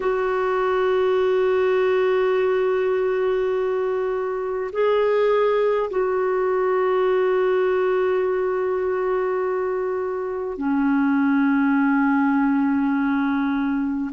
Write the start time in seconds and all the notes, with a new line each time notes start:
0.00 F#4
4.72 G#4
5.90 F#4
10.57 C#4